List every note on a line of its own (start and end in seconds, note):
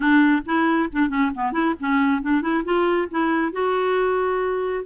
0.00 0.42 D4
0.45 0.89 E4
0.92 1.09 D4
1.09 1.31 C#4
1.34 1.52 B3
1.52 1.74 E4
1.80 2.22 C#4
2.22 2.41 D4
2.41 2.63 E4
2.64 3.08 F4
3.10 3.52 E4
3.52 4.84 F#4